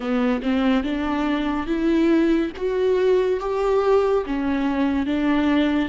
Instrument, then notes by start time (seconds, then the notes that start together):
viola
0.00 B3
0.42 C4
0.83 D4
1.66 E4
2.56 F#4
3.40 G4
4.26 C#4
5.06 D4